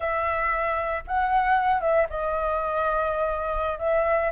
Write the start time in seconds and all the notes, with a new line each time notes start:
0.00 E5
1.07 F#5
1.80 E5
2.09 D#5
3.78 E5